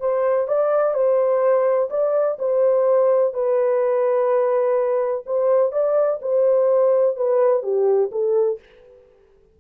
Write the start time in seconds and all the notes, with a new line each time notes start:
0.00 C5
0.48 D5
0.94 C5
1.90 D5
2.39 C5
3.34 B4
5.26 C5
5.72 D5
6.22 C5
7.17 B4
7.63 G4
8.12 A4